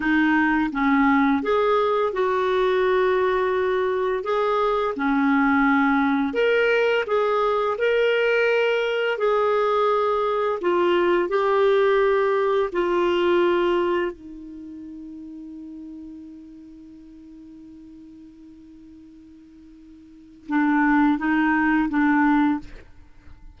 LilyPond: \new Staff \with { instrumentName = "clarinet" } { \time 4/4 \tempo 4 = 85 dis'4 cis'4 gis'4 fis'4~ | fis'2 gis'4 cis'4~ | cis'4 ais'4 gis'4 ais'4~ | ais'4 gis'2 f'4 |
g'2 f'2 | dis'1~ | dis'1~ | dis'4 d'4 dis'4 d'4 | }